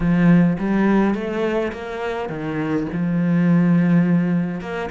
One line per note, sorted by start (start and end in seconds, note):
0.00 0.57 F3
0.58 1.14 G3
1.14 1.72 A3
1.72 2.29 A#3
2.29 2.86 D#3
2.92 4.60 F3
4.60 4.89 A#3